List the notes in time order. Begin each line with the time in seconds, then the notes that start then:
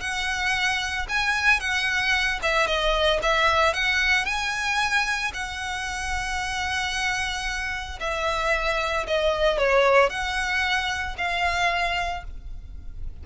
0.00 F#5
1.08 G#5
1.60 F#5
2.42 E5
2.66 D#5
3.22 E5
3.73 F#5
4.25 G#5
5.33 F#5
8.00 E5
9.07 D#5
9.58 C#5
10.09 F#5
11.17 F5